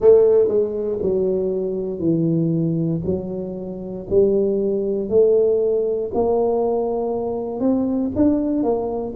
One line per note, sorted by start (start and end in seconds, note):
0.00 0.48 A3
0.48 0.98 G#3
1.02 1.99 F#3
1.99 3.00 E3
3.05 4.06 F#3
4.09 5.09 G3
5.09 6.11 A3
6.13 7.59 A#3
7.59 8.10 C4
8.15 8.63 D4
8.63 9.14 A#3